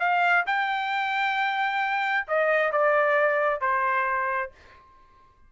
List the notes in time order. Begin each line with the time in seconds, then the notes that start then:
0.00 F5
0.47 G5
2.28 D#5
2.72 D5
3.61 C5